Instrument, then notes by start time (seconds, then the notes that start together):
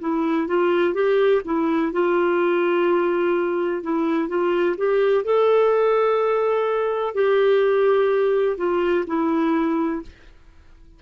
clarinet
0.00 E4
0.48 F4
0.94 G4
1.45 E4
1.93 F4
3.83 E4
4.29 F4
4.77 G4
5.24 A4
7.14 G4
8.57 F4
9.07 E4